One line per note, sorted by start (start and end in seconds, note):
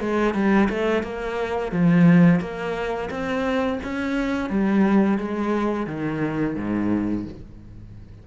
0.00 0.34 G#3
0.34 0.69 G3
0.69 1.03 A3
1.03 1.72 A#3
1.72 2.40 F3
2.40 3.09 A#3
3.10 3.79 C4
3.83 4.50 C#4
4.50 5.18 G3
5.18 5.87 G#3
5.87 6.55 D#3
6.56 7.25 G#2